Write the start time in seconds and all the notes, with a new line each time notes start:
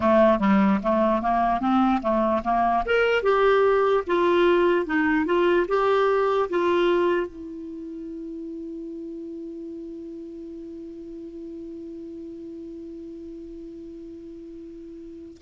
0.00 A3
0.39 G3
0.83 A3
1.22 A#3
1.60 C4
2.02 A3
2.43 A#3
2.85 A#4
3.22 G4
4.07 F4
4.85 D#4
5.25 F4
5.68 G4
6.49 F4
7.26 E4